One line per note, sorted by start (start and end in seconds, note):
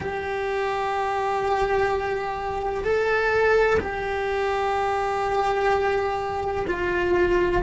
0.00 2.84 G4
2.84 3.79 A4
3.80 6.65 G4
6.67 7.62 F4